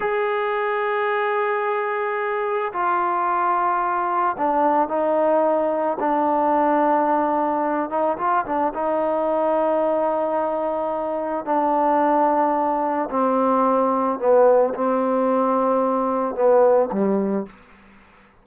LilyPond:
\new Staff \with { instrumentName = "trombone" } { \time 4/4 \tempo 4 = 110 gis'1~ | gis'4 f'2. | d'4 dis'2 d'4~ | d'2~ d'8 dis'8 f'8 d'8 |
dis'1~ | dis'4 d'2. | c'2 b4 c'4~ | c'2 b4 g4 | }